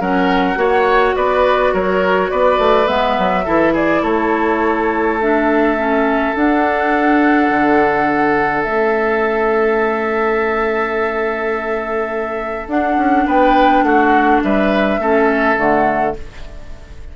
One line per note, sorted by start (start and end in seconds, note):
0.00 0.56 F#3
0.00 0.55 C#4
0.00 0.58 A#4
0.00 1.16 F#5
0.55 1.14 A#3
0.55 2.86 F#4
0.55 1.16 C#5
1.16 1.73 B3
1.16 1.73 B4
1.16 1.73 D5
1.73 2.31 F#3
1.73 2.31 A#4
1.73 2.31 C#5
2.31 2.58 B3
2.31 3.45 B4
2.31 2.87 D5
2.58 2.87 A3
2.86 3.17 G#3
2.86 3.44 B3
2.86 3.74 E5
3.18 3.46 F#3
3.45 4.03 E3
3.45 5.19 E4
3.45 3.73 A4
3.73 4.02 G#4
3.73 4.04 D5
4.02 6.33 A3
4.02 13.25 A4
4.02 5.19 C#5
5.20 5.77 D4
5.20 6.35 E5
5.77 6.35 C#4
6.35 7.50 D4
6.35 8.66 D4
6.35 8.63 F#5
7.50 8.64 D3
8.63 12.67 A3
8.63 12.69 C#4
8.63 12.67 E5
12.67 12.96 D4
12.67 15.00 D4
12.67 13.27 F#5
12.96 13.25 C#4
13.26 13.83 B3
13.26 13.84 B4
13.26 13.83 G5
13.83 14.40 A3
13.83 14.43 F#4
13.83 14.41 F#5
14.43 14.99 G3
14.43 15.00 B4
14.43 15.58 E5
14.99 15.56 A3
14.99 15.56 C#4
14.99 16.16 A4
15.56 16.15 D3
15.56 16.14 A3
15.56 16.16 F#5